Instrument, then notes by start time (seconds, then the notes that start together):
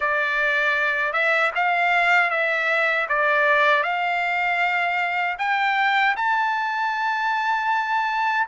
trumpet
0.00 D5
1.13 E5
1.55 F5
2.30 E5
3.08 D5
3.83 F5
5.38 G5
6.16 A5